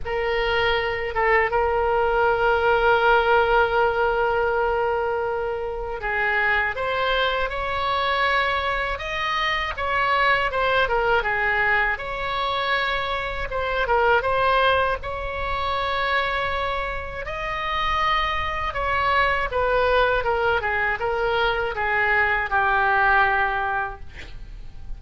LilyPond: \new Staff \with { instrumentName = "oboe" } { \time 4/4 \tempo 4 = 80 ais'4. a'8 ais'2~ | ais'1 | gis'4 c''4 cis''2 | dis''4 cis''4 c''8 ais'8 gis'4 |
cis''2 c''8 ais'8 c''4 | cis''2. dis''4~ | dis''4 cis''4 b'4 ais'8 gis'8 | ais'4 gis'4 g'2 | }